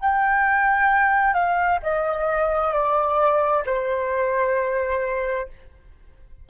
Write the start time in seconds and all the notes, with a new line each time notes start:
0.00 G5
1.33 F5
1.83 D#5
2.73 D5
3.66 C5